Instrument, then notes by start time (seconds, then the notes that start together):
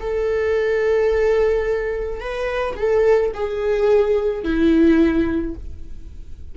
viola
0.00 A4
2.20 B4
2.76 A4
3.34 G#4
4.44 E4